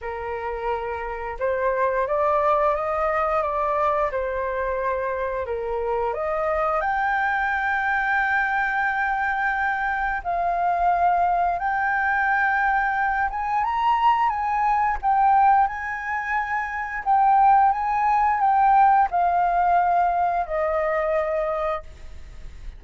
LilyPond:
\new Staff \with { instrumentName = "flute" } { \time 4/4 \tempo 4 = 88 ais'2 c''4 d''4 | dis''4 d''4 c''2 | ais'4 dis''4 g''2~ | g''2. f''4~ |
f''4 g''2~ g''8 gis''8 | ais''4 gis''4 g''4 gis''4~ | gis''4 g''4 gis''4 g''4 | f''2 dis''2 | }